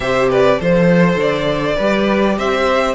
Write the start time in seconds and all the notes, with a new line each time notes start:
0.00 C3 G4 C5 E5
0.29 B4 D5
0.57 F3 A4 C5
1.16 D3 D5
1.76 G3 G4 B4
2.38 C4 C5 E5